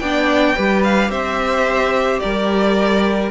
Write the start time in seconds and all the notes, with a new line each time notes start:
0.00 B3 D4 D5 G5
0.56 G3 G4 B4
0.84 F5
1.10 C4 C5 E5
2.20 G3 A#4 D5